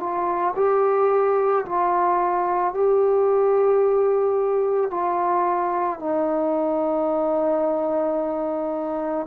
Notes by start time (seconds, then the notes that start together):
0.00 F4
0.56 G4
1.65 F4
2.74 G4
4.91 F4
6.00 D#4